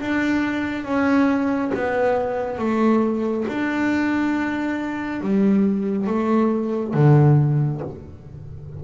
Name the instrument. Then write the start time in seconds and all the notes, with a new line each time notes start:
double bass
0.00 D4
0.84 C#4
1.74 B3
2.58 A3
3.48 D4
5.21 G3
6.07 A3
6.94 D3